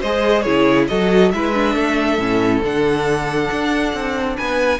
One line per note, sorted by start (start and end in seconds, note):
0.00 0.46 G#3
0.00 0.46 G#4
0.00 0.43 C5
0.00 0.42 D#5
0.42 0.89 C#3
0.42 0.89 E4
0.42 0.87 G#4
0.42 0.85 C#5
0.88 1.33 F#3
0.88 1.32 F#4
0.88 1.33 A4
0.88 1.31 D#5
1.31 1.75 G#3
1.31 1.53 E4
1.31 1.75 B4
1.31 2.61 E5
1.53 2.19 D4
1.75 2.18 A3
1.75 4.36 A4
2.18 2.62 A2
2.18 2.62 C#4
2.63 3.50 D3
2.63 4.79 D4
2.63 4.37 F#5
3.51 3.93 D4
3.93 4.37 C4
4.37 4.79 B3
4.37 4.79 B4
4.37 4.79 G#5